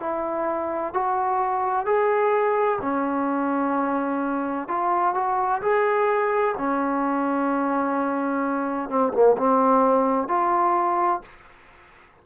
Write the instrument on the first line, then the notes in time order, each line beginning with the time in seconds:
trombone
0.00 E4
0.94 F#4
1.86 G#4
2.81 C#4
4.68 F4
5.14 F#4
5.62 G#4
6.58 C#4
8.89 C4
9.13 A#3
9.37 C4
10.28 F4